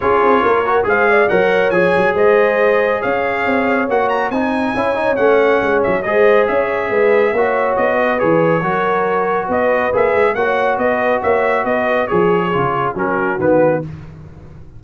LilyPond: <<
  \new Staff \with { instrumentName = "trumpet" } { \time 4/4 \tempo 4 = 139 cis''2 f''4 fis''4 | gis''4 dis''2 f''4~ | f''4 fis''8 ais''8 gis''2 | fis''4. e''8 dis''4 e''4~ |
e''2 dis''4 cis''4~ | cis''2 dis''4 e''4 | fis''4 dis''4 e''4 dis''4 | cis''2 ais'4 b'4 | }
  \new Staff \with { instrumentName = "horn" } { \time 4/4 gis'4 ais'4 c''8 d''8 cis''4~ | cis''4 c''2 cis''4~ | cis''2 dis''4 cis''4~ | cis''2 c''4 cis''4 |
b'4 cis''4. b'4. | ais'2 b'2 | cis''4 b'4 cis''4 b'4 | gis'2 fis'2 | }
  \new Staff \with { instrumentName = "trombone" } { \time 4/4 f'4. fis'8 gis'4 ais'4 | gis'1~ | gis'4 fis'4 dis'4 e'8 dis'8 | cis'2 gis'2~ |
gis'4 fis'2 gis'4 | fis'2. gis'4 | fis'1 | gis'4 f'4 cis'4 b4 | }
  \new Staff \with { instrumentName = "tuba" } { \time 4/4 cis'8 c'8 ais4 gis4 fis4 | f8 fis8 gis2 cis'4 | c'4 ais4 c'4 cis'4 | a4 gis8 fis8 gis4 cis'4 |
gis4 ais4 b4 e4 | fis2 b4 ais8 gis8 | ais4 b4 ais4 b4 | f4 cis4 fis4 dis4 | }
>>